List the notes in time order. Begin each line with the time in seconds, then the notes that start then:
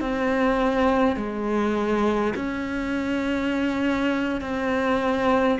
0.00 C4
1.16 G#3
2.35 C#4
4.41 C4